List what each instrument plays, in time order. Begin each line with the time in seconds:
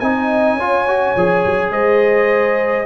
0.00 tuba C4, trombone D#4, horn D#5, trumpet G#5
0.54 tuba C#4, trombone F4, horn C#5
0.88 trombone F#4
1.16 tuba F3, trombone G#4
1.46 tuba F#3
1.71 tuba G#3, horn C5, trumpet D#5